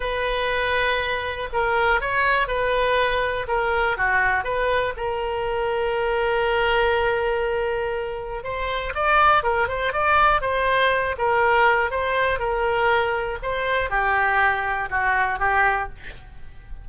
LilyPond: \new Staff \with { instrumentName = "oboe" } { \time 4/4 \tempo 4 = 121 b'2. ais'4 | cis''4 b'2 ais'4 | fis'4 b'4 ais'2~ | ais'1~ |
ais'4 c''4 d''4 ais'8 c''8 | d''4 c''4. ais'4. | c''4 ais'2 c''4 | g'2 fis'4 g'4 | }